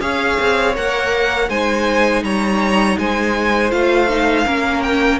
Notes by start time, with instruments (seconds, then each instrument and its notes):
0.00 cello C#4, viola G#4, violin C#5 F5
0.40 cello C4
0.75 cello A#3, viola A#4, violin F#5
1.49 cello G#3, viola D#4, violin C5 G#5
2.23 cello G3, violin C#5 A#5
2.98 cello G#3, violin C5 G#5
3.71 cello A3, viola F4, violin F5
4.08 viola D#4
4.45 cello A#3, viola C#4, violin A#4
4.82 violin G5